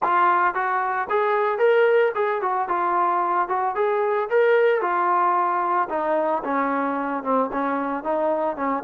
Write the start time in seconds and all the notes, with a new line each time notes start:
0.02 F4
0.54 F#4
1.09 G#4
1.58 A#4
2.14 G#4
2.41 F#4
2.68 F4
3.48 F#4
3.75 G#4
4.30 A#4
4.81 F4
5.89 D#4
6.43 C#4
7.23 C4
7.52 C#4
8.03 D#4
8.56 C#4